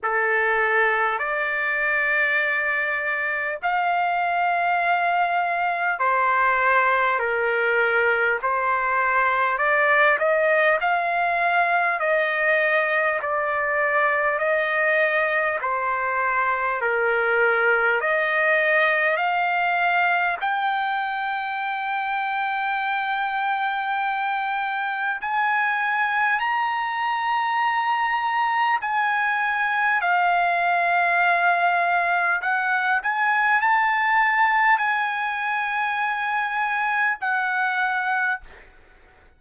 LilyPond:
\new Staff \with { instrumentName = "trumpet" } { \time 4/4 \tempo 4 = 50 a'4 d''2 f''4~ | f''4 c''4 ais'4 c''4 | d''8 dis''8 f''4 dis''4 d''4 | dis''4 c''4 ais'4 dis''4 |
f''4 g''2.~ | g''4 gis''4 ais''2 | gis''4 f''2 fis''8 gis''8 | a''4 gis''2 fis''4 | }